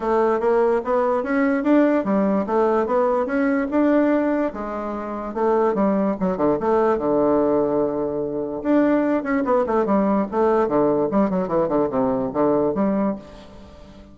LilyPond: \new Staff \with { instrumentName = "bassoon" } { \time 4/4 \tempo 4 = 146 a4 ais4 b4 cis'4 | d'4 g4 a4 b4 | cis'4 d'2 gis4~ | gis4 a4 g4 fis8 d8 |
a4 d2.~ | d4 d'4. cis'8 b8 a8 | g4 a4 d4 g8 fis8 | e8 d8 c4 d4 g4 | }